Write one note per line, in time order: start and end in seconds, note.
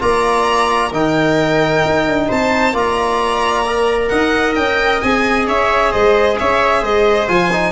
0.00 0.93 A#3
0.00 0.91 F4
0.00 0.90 D5
0.00 0.93 A#5
0.90 1.84 D#3
0.90 2.74 D#4
0.90 2.27 A#4
0.90 2.31 G5
1.86 2.08 D#4
2.08 2.31 D4
2.29 2.74 C4
2.29 2.74 C5
2.29 2.77 A5
2.74 4.10 A#3
2.74 3.65 F4
2.74 4.11 D5
2.74 4.09 A#5
3.68 5.04 A#4
4.09 4.56 D#4
4.09 5.48 D#5
4.09 4.54 F#5
4.56 5.02 C#4
4.56 5.01 G5
5.01 5.48 C4
5.01 7.28 G#4
5.01 5.46 G#5
5.48 5.94 C#4
5.48 5.92 C#5
5.48 5.92 E5
5.92 6.40 G#3
5.92 6.37 C5
5.92 6.38 D#5
6.39 6.83 C#4
6.39 6.82 C#5
6.39 6.84 E5
6.82 7.28 G#3
6.82 7.73 C5
6.82 7.29 D#5
7.28 7.73 F3
7.28 7.51 F4
7.28 7.73 G#5
7.52 7.73 D#4